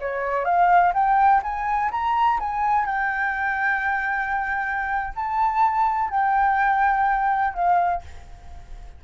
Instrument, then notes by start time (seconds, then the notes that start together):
flute
0.00 C#5
0.45 F5
0.94 G5
1.43 G#5
1.91 A#5
2.39 G#5
2.85 G5
5.16 A5
6.10 G5
7.54 F5